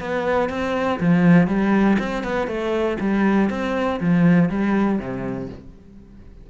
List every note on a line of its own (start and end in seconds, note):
0.00 0.50 B3
0.50 1.00 C4
1.01 1.47 F3
1.47 1.97 G3
2.00 2.24 C4
2.24 2.48 B3
2.48 2.98 A3
3.00 3.50 G3
3.50 4.00 C4
4.01 4.50 F3
4.50 5.00 G3
5.00 5.50 C3